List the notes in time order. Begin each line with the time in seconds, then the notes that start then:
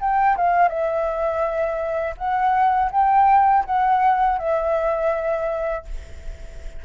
0.00 G5
0.37 F5
0.69 E5
2.18 F#5
2.91 G5
3.66 F#5
4.38 E5